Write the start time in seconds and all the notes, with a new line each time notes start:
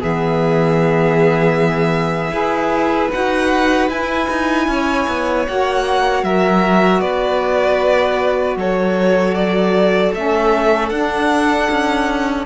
0.00 E3 B3 G#4 E5
2.32 E4 G#4 B4
3.11 D#4 F#4 F#5
3.89 E4 G#5
4.30 D#4
4.68 C#4 C#5
5.08 B3
5.47 A#3 F#4 F#5
6.23 F#3 A#4 E5
7.01 B3 B4 D5
8.56 F#3 A4 C#5
9.35 D5
10.13 A3 C#4 E5
10.89 D4 F#5
11.70 C#4